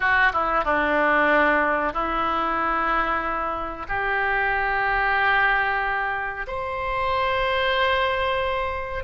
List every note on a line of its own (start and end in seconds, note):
0.00 0.32 F#4
0.32 0.64 E4
0.64 1.93 D4
1.93 3.86 E4
3.88 6.46 G4
6.47 9.04 C5